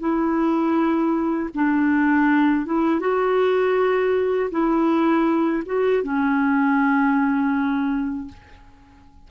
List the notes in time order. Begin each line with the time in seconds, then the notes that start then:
0.00 E4
1.55 D4
2.66 E4
3.00 F#4
4.51 E4
5.66 F#4
6.03 C#4